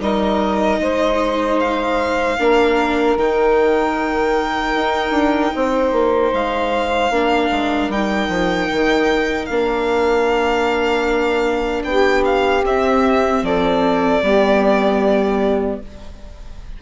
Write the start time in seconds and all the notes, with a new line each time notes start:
0.00 G3 D#4 A#4 D#5
0.80 G#3 C5
1.60 F5
2.38 A#3 D4 A#4
3.16 D#3 D#4 G5
4.75 D#4
5.11 D4
5.55 C4 C5
5.92 A#3
6.33 G#3 F5
7.10 A#3 D4 A#4
7.51 G#3
7.88 G3 D#4 G5
8.28 F3
8.72 D#3
9.46 A#3 D4 F5
11.84 B3 G4 G5
12.25 F5
12.64 C4 E5
13.42 F3 A4 D5
14.22 G3 B3 G4